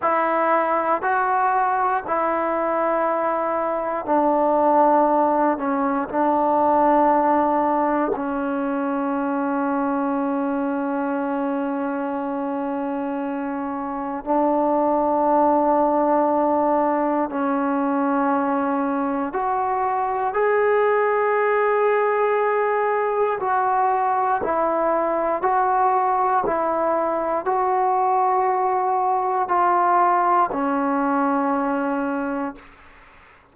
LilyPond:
\new Staff \with { instrumentName = "trombone" } { \time 4/4 \tempo 4 = 59 e'4 fis'4 e'2 | d'4. cis'8 d'2 | cis'1~ | cis'2 d'2~ |
d'4 cis'2 fis'4 | gis'2. fis'4 | e'4 fis'4 e'4 fis'4~ | fis'4 f'4 cis'2 | }